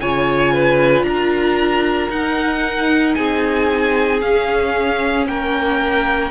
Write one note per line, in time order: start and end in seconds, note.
0.00 1.03 C#3
0.00 2.11 F4
0.00 0.53 C#5
0.00 1.03 G#5
0.53 1.05 B4
1.03 2.08 D4
1.03 3.16 A#4
1.03 2.08 A#5
2.10 3.15 D#4
2.10 4.21 D#4
2.10 3.14 F#5
3.14 4.21 C4
3.14 5.27 G#4
3.14 4.20 G#5
4.21 5.27 C#4
4.21 6.30 C#4
4.21 5.26 F5
5.27 6.30 A#3
5.27 6.30 A#4
5.27 6.30 G5